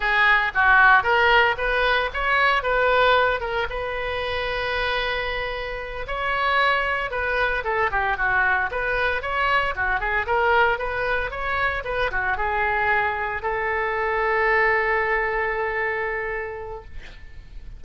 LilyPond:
\new Staff \with { instrumentName = "oboe" } { \time 4/4 \tempo 4 = 114 gis'4 fis'4 ais'4 b'4 | cis''4 b'4. ais'8 b'4~ | b'2.~ b'8 cis''8~ | cis''4. b'4 a'8 g'8 fis'8~ |
fis'8 b'4 cis''4 fis'8 gis'8 ais'8~ | ais'8 b'4 cis''4 b'8 fis'8 gis'8~ | gis'4. a'2~ a'8~ | a'1 | }